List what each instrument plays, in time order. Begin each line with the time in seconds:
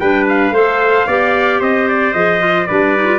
0.00 tuba G3, clarinet D4, trumpet B4 G5
0.29 trumpet F5
0.51 tuba A3, clarinet A4, trumpet C5
1.07 tuba B3, clarinet G4, trumpet D5
1.60 tuba C4, trumpet C5 D#5
1.89 trumpet D5
2.14 tuba F3, clarinet G#4, trumpet D#5
2.40 clarinet F4
2.67 tuba G3, clarinet D4, trumpet B4 D5
2.96 clarinet D#4
3.06 clarinet F4